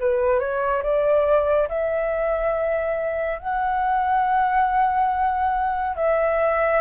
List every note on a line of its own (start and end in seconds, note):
0.00 0.40 B4
0.40 0.83 C#5
0.83 1.68 D5
1.69 3.39 E5
3.39 5.96 F#5
5.96 6.81 E5